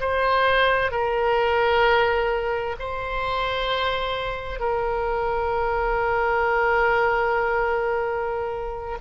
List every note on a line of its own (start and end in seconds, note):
0.00 0.91 C5
0.91 2.76 A#4
2.79 4.60 C5
4.60 8.98 A#4